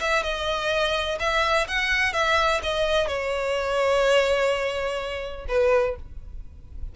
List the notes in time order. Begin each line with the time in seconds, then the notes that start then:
0.00 E5
0.23 D#5
1.19 E5
1.67 F#5
2.13 E5
2.63 D#5
3.07 C#5
5.48 B4